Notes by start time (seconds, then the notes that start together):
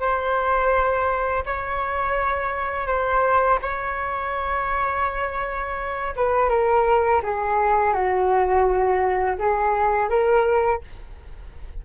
0.00 C5
1.46 C#5
2.87 C5
3.62 C#5
6.16 B4
6.50 A#4
7.23 G#4
7.94 F#4
9.39 G#4
10.09 A#4